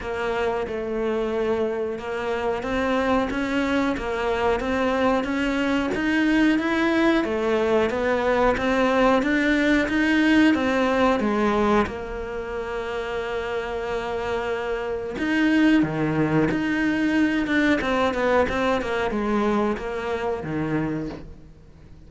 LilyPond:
\new Staff \with { instrumentName = "cello" } { \time 4/4 \tempo 4 = 91 ais4 a2 ais4 | c'4 cis'4 ais4 c'4 | cis'4 dis'4 e'4 a4 | b4 c'4 d'4 dis'4 |
c'4 gis4 ais2~ | ais2. dis'4 | dis4 dis'4. d'8 c'8 b8 | c'8 ais8 gis4 ais4 dis4 | }